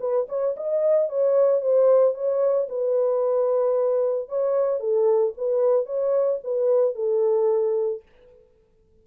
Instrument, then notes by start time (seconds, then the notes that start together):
horn
0.00 B4
0.29 C#5
0.57 D#5
1.09 C#5
1.61 C5
2.15 C#5
2.70 B4
4.29 C#5
4.80 A4
5.38 B4
5.86 C#5
6.44 B4
6.95 A4